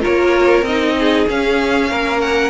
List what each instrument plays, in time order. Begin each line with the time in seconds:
0.00 viola F4, violin A#4 C#5
0.07 cello A#3
0.62 cello C4, violin D#5
0.68 viola D#4
0.99 violin G#4
1.28 viola C#4, cello C#4, violin F5
1.89 cello A#3, violin A#4
2.21 violin F#5